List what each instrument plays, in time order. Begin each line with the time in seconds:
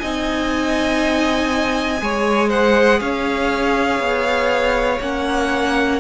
0.00 cello C4, viola D#4, violin D#5 G#5
1.98 cello G#3, viola G#4, violin C#5
2.49 violin C5 F#5
3.01 cello C#4, violin C#5 F5
4.00 cello B3
5.00 cello A#3, viola C#4, violin F#5